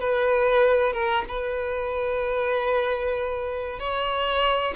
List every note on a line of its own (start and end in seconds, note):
0.00 0.93 B4
0.93 1.25 A#4
1.29 3.80 B4
3.80 4.75 C#5